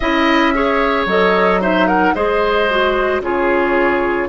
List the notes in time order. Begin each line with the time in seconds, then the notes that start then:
0.00 C#4 E4 D#5 E5
0.54 G#4 C#5
1.06 F#3 A4 D#5
1.60 D#4 C5 E5
1.87 A#4 F#5
2.14 G#3 G#4 C5 D#5
2.69 F#4
3.20 C#3 F4 G#4 C#5